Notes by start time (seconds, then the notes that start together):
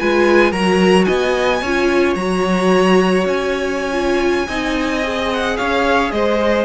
0.00 G#3 F4 B4 G#5
0.51 F#3 F#4 A#4 A#5
1.05 B3 D#5 G#5
1.62 C#4 F4 C#5
2.16 F#3 F#4 A#5
3.25 C#4 G#5
3.92 F4
4.48 C4 D#4 D#5
5.04 G#4
5.33 F#5
5.57 C#4 C#5 F5
6.12 G#3 C5 D#5